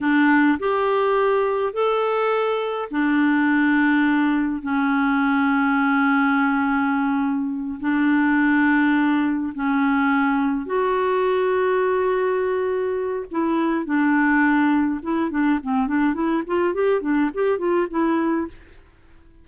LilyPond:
\new Staff \with { instrumentName = "clarinet" } { \time 4/4 \tempo 4 = 104 d'4 g'2 a'4~ | a'4 d'2. | cis'1~ | cis'4. d'2~ d'8~ |
d'8 cis'2 fis'4.~ | fis'2. e'4 | d'2 e'8 d'8 c'8 d'8 | e'8 f'8 g'8 d'8 g'8 f'8 e'4 | }